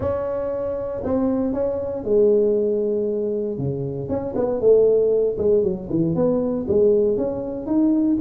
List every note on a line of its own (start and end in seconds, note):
0.00 1.02 C#4
1.04 1.53 C4
1.53 2.04 C#4
2.04 3.58 G#3
3.58 4.08 C#3
4.08 4.34 C#4
4.35 4.60 B3
4.60 5.37 A3
5.38 5.63 G#3
5.63 5.88 F#3
5.89 6.15 E3
6.15 6.66 B3
6.67 7.17 G#3
7.17 7.66 C#4
7.66 8.17 D#4